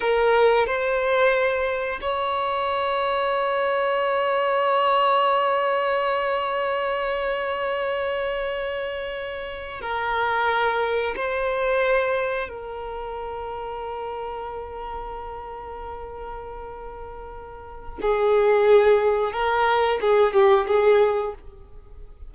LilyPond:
\new Staff \with { instrumentName = "violin" } { \time 4/4 \tempo 4 = 90 ais'4 c''2 cis''4~ | cis''1~ | cis''1~ | cis''2~ cis''8. ais'4~ ais'16~ |
ais'8. c''2 ais'4~ ais'16~ | ais'1~ | ais'2. gis'4~ | gis'4 ais'4 gis'8 g'8 gis'4 | }